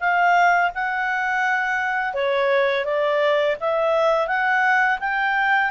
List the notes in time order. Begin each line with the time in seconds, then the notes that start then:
0.00 F5
0.75 F#5
2.14 C#5
2.85 D5
3.60 E5
4.27 F#5
5.00 G5